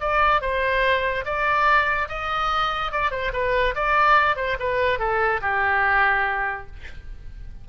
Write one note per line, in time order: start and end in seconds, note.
0.00 0.41 D5
0.41 1.25 C5
1.25 2.08 D5
2.09 2.92 D#5
2.92 3.11 D5
3.11 3.32 C5
3.33 3.75 B4
3.75 4.36 D5
4.36 4.57 C5
4.59 4.99 B4
4.99 5.41 A4
5.41 6.66 G4